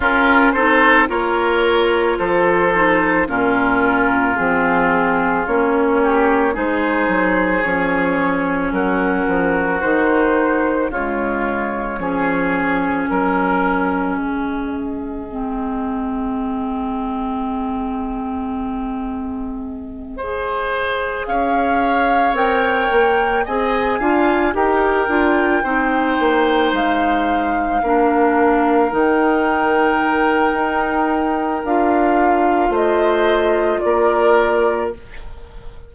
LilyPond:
<<
  \new Staff \with { instrumentName = "flute" } { \time 4/4 \tempo 4 = 55 ais'8 c''8 cis''4 c''4 ais'4 | gis'4 cis''4 c''4 cis''4 | ais'4 c''4 cis''2 | dis''1~ |
dis''2.~ dis''8 f''8~ | f''8 g''4 gis''4 g''4.~ | g''8 f''2 g''4.~ | g''4 f''4 dis''4 d''4 | }
  \new Staff \with { instrumentName = "oboe" } { \time 4/4 f'8 a'8 ais'4 a'4 f'4~ | f'4. g'8 gis'2 | fis'2 f'4 gis'4 | ais'4 gis'2.~ |
gis'2~ gis'8 c''4 cis''8~ | cis''4. dis''8 f''8 ais'4 c''8~ | c''4. ais'2~ ais'8~ | ais'2 c''4 ais'4 | }
  \new Staff \with { instrumentName = "clarinet" } { \time 4/4 cis'8 dis'8 f'4. dis'8 cis'4 | c'4 cis'4 dis'4 cis'4~ | cis'4 dis'4 gis4 cis'4~ | cis'2 c'2~ |
c'2~ c'8 gis'4.~ | gis'8 ais'4 gis'8 f'8 g'8 f'8 dis'8~ | dis'4. d'4 dis'4.~ | dis'4 f'2. | }
  \new Staff \with { instrumentName = "bassoon" } { \time 4/4 cis'8 c'8 ais4 f4 ais,4 | f4 ais4 gis8 fis8 f4 | fis8 f8 dis4 cis4 f4 | fis4 gis2.~ |
gis2.~ gis8 cis'8~ | cis'8 c'8 ais8 c'8 d'8 dis'8 d'8 c'8 | ais8 gis4 ais4 dis4. | dis'4 d'4 a4 ais4 | }
>>